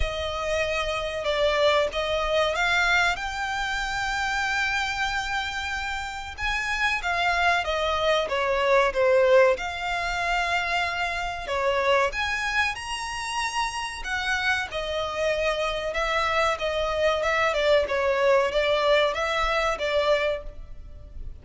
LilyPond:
\new Staff \with { instrumentName = "violin" } { \time 4/4 \tempo 4 = 94 dis''2 d''4 dis''4 | f''4 g''2.~ | g''2 gis''4 f''4 | dis''4 cis''4 c''4 f''4~ |
f''2 cis''4 gis''4 | ais''2 fis''4 dis''4~ | dis''4 e''4 dis''4 e''8 d''8 | cis''4 d''4 e''4 d''4 | }